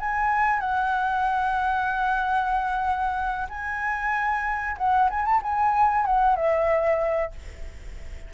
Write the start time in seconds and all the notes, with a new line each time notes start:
0.00 G#5
0.60 F#5
3.50 G#5
4.78 F#5
5.10 G#5
5.25 A5
5.43 G#5
6.06 F#5
6.36 E5